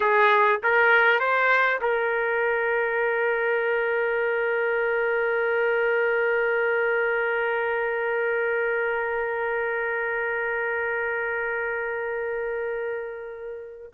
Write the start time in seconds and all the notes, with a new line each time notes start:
0.00 G#4
0.63 A#4
1.19 C5
1.81 A#4